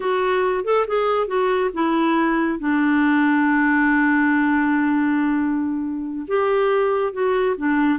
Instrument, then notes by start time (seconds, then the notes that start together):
clarinet
0.00 F#4
0.64 A4
0.87 G#4
1.27 F#4
1.73 E4
2.59 D4
6.27 G4
7.12 F#4
7.57 D4